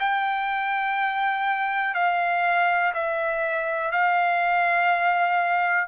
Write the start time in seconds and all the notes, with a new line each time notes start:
0.00 G5
1.95 F5
2.94 E5
3.92 F5